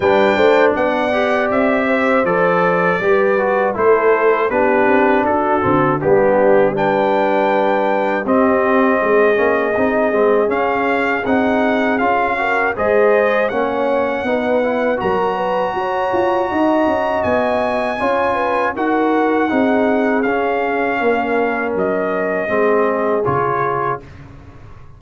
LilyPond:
<<
  \new Staff \with { instrumentName = "trumpet" } { \time 4/4 \tempo 4 = 80 g''4 fis''4 e''4 d''4~ | d''4 c''4 b'4 a'4 | g'4 g''2 dis''4~ | dis''2 f''4 fis''4 |
f''4 dis''4 fis''2 | ais''2. gis''4~ | gis''4 fis''2 f''4~ | f''4 dis''2 cis''4 | }
  \new Staff \with { instrumentName = "horn" } { \time 4/4 b'8 c''8 d''4. c''4. | b'4 a'4 g'4 fis'4 | d'4 b'2 g'4 | gis'1~ |
gis'8 ais'8 c''4 cis''4 b'4 | ais'8 b'8 cis''4 dis''2 | cis''8 b'8 ais'4 gis'2 | ais'2 gis'2 | }
  \new Staff \with { instrumentName = "trombone" } { \time 4/4 d'4. g'4. a'4 | g'8 fis'8 e'4 d'4. c'8 | b4 d'2 c'4~ | c'8 cis'8 dis'8 c'8 cis'4 dis'4 |
f'8 fis'8 gis'4 cis'4 dis'8 e'8 | fis'1 | f'4 fis'4 dis'4 cis'4~ | cis'2 c'4 f'4 | }
  \new Staff \with { instrumentName = "tuba" } { \time 4/4 g8 a8 b4 c'4 f4 | g4 a4 b8 c'8 d'8 d8 | g2. c'4 | gis8 ais8 c'8 gis8 cis'4 c'4 |
cis'4 gis4 ais4 b4 | fis4 fis'8 f'8 dis'8 cis'8 b4 | cis'4 dis'4 c'4 cis'4 | ais4 fis4 gis4 cis4 | }
>>